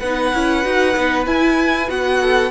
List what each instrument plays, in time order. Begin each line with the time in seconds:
0.00 cello B3, viola D#4, violin B4 F#5
0.34 cello C#4, viola E4
0.63 cello D#4, viola F#4
0.96 cello B3, viola D#4
1.26 viola E4, cello E4, violin G#5
1.88 cello B3, viola F#4, violin F#5
2.21 violin A4